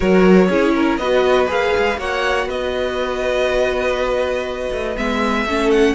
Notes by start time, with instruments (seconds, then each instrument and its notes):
0.00 cello F#3, viola F#4, violin A#4 C#5
0.48 cello C#4, viola E4, violin G#4
0.74 violin A#4
0.97 cello B3, viola F#4, violin B4 D#5
1.47 cello A#3, viola G#4, violin F5
1.77 cello G#3
1.98 cello A#3, viola F#4, violin C#5 F#5
2.45 cello B3, violin B4 D#5
4.71 cello A3
4.96 cello G#3, viola B3, violin E5
5.45 cello A3, viola C#4, violin A4
5.71 violin F#5